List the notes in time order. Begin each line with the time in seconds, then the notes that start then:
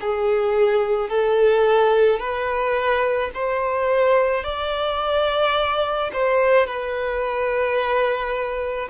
0.00 G#4
1.09 A4
2.19 B4
3.34 C5
4.43 D5
6.13 C5
6.66 B4